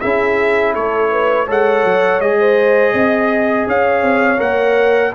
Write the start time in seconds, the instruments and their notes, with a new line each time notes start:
0.00 tuba C#4, trombone E4, horn G#4, trumpet E5
0.73 tuba A3, horn A4, trumpet C#5
1.11 horn B4
1.46 tuba G#3, trombone A4, horn C#5, trumpet F#5
1.84 tuba F#3
2.20 tuba G#3, trombone G#4, trumpet D#5
2.39 horn C5
2.93 tuba C4, horn D#5
3.67 tuba C#4, horn C#5, trumpet F5
4.02 tuba C4
4.37 tuba A#3, trombone A#4, trumpet F#5